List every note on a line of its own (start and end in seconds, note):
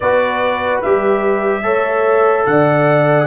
0.00 0.83 B3
0.00 0.84 F#4
0.00 1.62 B4
0.00 0.80 D5
0.82 1.63 G3
0.82 1.62 G4
0.82 2.46 E5
1.62 2.45 A3
1.62 3.26 A4
1.62 2.45 C#5
2.46 3.26 D3
2.46 3.26 D5
2.46 3.26 F#5